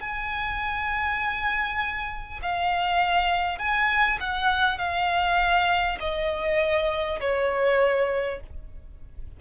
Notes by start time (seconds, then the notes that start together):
0.00 G#5
2.42 F5
3.59 G#5
4.20 F#5
4.78 F5
6.00 D#5
7.20 C#5